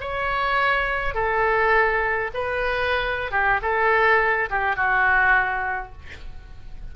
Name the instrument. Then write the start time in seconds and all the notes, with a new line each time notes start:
oboe
0.00 C#5
1.14 A4
2.34 B4
3.31 G4
3.61 A4
4.50 G4
4.76 F#4